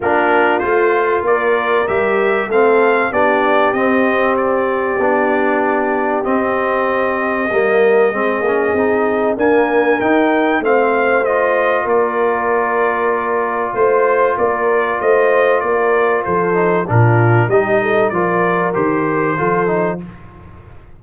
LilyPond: <<
  \new Staff \with { instrumentName = "trumpet" } { \time 4/4 \tempo 4 = 96 ais'4 c''4 d''4 e''4 | f''4 d''4 dis''4 d''4~ | d''2 dis''2~ | dis''2. gis''4 |
g''4 f''4 dis''4 d''4~ | d''2 c''4 d''4 | dis''4 d''4 c''4 ais'4 | dis''4 d''4 c''2 | }
  \new Staff \with { instrumentName = "horn" } { \time 4/4 f'2 ais'2 | a'4 g'2.~ | g'1 | ais'4 gis'2 ais'4~ |
ais'4 c''2 ais'4~ | ais'2 c''4 ais'4 | c''4 ais'4 a'4 f'4 | g'8 a'8 ais'2 a'4 | }
  \new Staff \with { instrumentName = "trombone" } { \time 4/4 d'4 f'2 g'4 | c'4 d'4 c'2 | d'2 c'2 | ais4 c'8 cis'8 dis'4 ais4 |
dis'4 c'4 f'2~ | f'1~ | f'2~ f'8 dis'8 d'4 | dis'4 f'4 g'4 f'8 dis'8 | }
  \new Staff \with { instrumentName = "tuba" } { \time 4/4 ais4 a4 ais4 g4 | a4 b4 c'2 | b2 c'2 | g4 gis8 ais8 c'4 d'4 |
dis'4 a2 ais4~ | ais2 a4 ais4 | a4 ais4 f4 ais,4 | g4 f4 dis4 f4 | }
>>